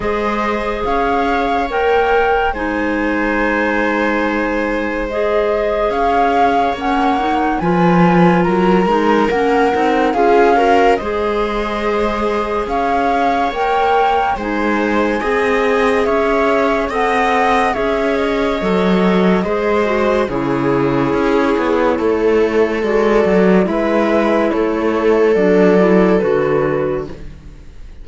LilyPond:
<<
  \new Staff \with { instrumentName = "flute" } { \time 4/4 \tempo 4 = 71 dis''4 f''4 g''4 gis''4~ | gis''2 dis''4 f''4 | fis''4 gis''4 ais''4 fis''4 | f''4 dis''2 f''4 |
g''4 gis''2 e''4 | fis''4 e''8 dis''2~ dis''8 | cis''2. d''4 | e''4 cis''4 d''4 b'4 | }
  \new Staff \with { instrumentName = "viola" } { \time 4/4 c''4 cis''2 c''4~ | c''2. cis''4~ | cis''4 b'4 ais'2 | gis'8 ais'8 c''2 cis''4~ |
cis''4 c''4 dis''4 cis''4 | dis''4 cis''2 c''4 | gis'2 a'2 | b'4 a'2. | }
  \new Staff \with { instrumentName = "clarinet" } { \time 4/4 gis'2 ais'4 dis'4~ | dis'2 gis'2 | cis'8 dis'8 f'4. dis'8 cis'8 dis'8 | f'8 fis'8 gis'2. |
ais'4 dis'4 gis'2 | a'4 gis'4 a'4 gis'8 fis'8 | e'2. fis'4 | e'2 d'8 e'8 fis'4 | }
  \new Staff \with { instrumentName = "cello" } { \time 4/4 gis4 cis'4 ais4 gis4~ | gis2. cis'4 | ais4 f4 fis8 gis8 ais8 c'8 | cis'4 gis2 cis'4 |
ais4 gis4 c'4 cis'4 | c'4 cis'4 fis4 gis4 | cis4 cis'8 b8 a4 gis8 fis8 | gis4 a4 fis4 d4 | }
>>